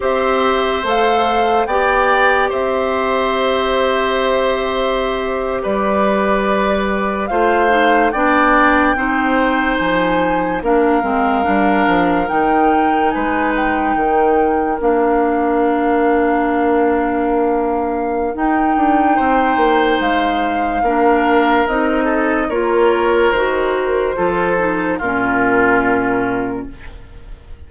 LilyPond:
<<
  \new Staff \with { instrumentName = "flute" } { \time 4/4 \tempo 4 = 72 e''4 f''4 g''4 e''4~ | e''2~ e''8. d''4~ d''16~ | d''8. f''4 g''2 gis''16~ | gis''8. f''2 g''4 gis''16~ |
gis''16 g''4. f''2~ f''16~ | f''2 g''2 | f''2 dis''4 cis''4 | c''2 ais'2 | }
  \new Staff \with { instrumentName = "oboe" } { \time 4/4 c''2 d''4 c''4~ | c''2~ c''8. b'4~ b'16~ | b'8. c''4 d''4 c''4~ c''16~ | c''8. ais'2. b'16~ |
b'8. ais'2.~ ais'16~ | ais'2. c''4~ | c''4 ais'4. a'8 ais'4~ | ais'4 a'4 f'2 | }
  \new Staff \with { instrumentName = "clarinet" } { \time 4/4 g'4 a'4 g'2~ | g'1~ | g'8. f'8 dis'8 d'4 dis'4~ dis'16~ | dis'8. d'8 c'8 d'4 dis'4~ dis'16~ |
dis'4.~ dis'16 d'2~ d'16~ | d'2 dis'2~ | dis'4 d'4 dis'4 f'4 | fis'4 f'8 dis'8 cis'2 | }
  \new Staff \with { instrumentName = "bassoon" } { \time 4/4 c'4 a4 b4 c'4~ | c'2~ c'8. g4~ g16~ | g8. a4 b4 c'4 f16~ | f8. ais8 gis8 g8 f8 dis4 gis16~ |
gis8. dis4 ais2~ ais16~ | ais2 dis'8 d'8 c'8 ais8 | gis4 ais4 c'4 ais4 | dis4 f4 ais,2 | }
>>